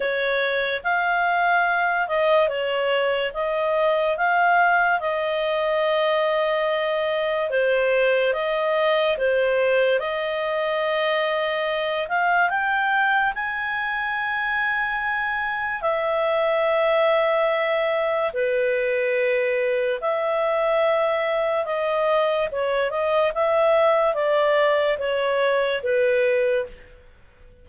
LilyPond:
\new Staff \with { instrumentName = "clarinet" } { \time 4/4 \tempo 4 = 72 cis''4 f''4. dis''8 cis''4 | dis''4 f''4 dis''2~ | dis''4 c''4 dis''4 c''4 | dis''2~ dis''8 f''8 g''4 |
gis''2. e''4~ | e''2 b'2 | e''2 dis''4 cis''8 dis''8 | e''4 d''4 cis''4 b'4 | }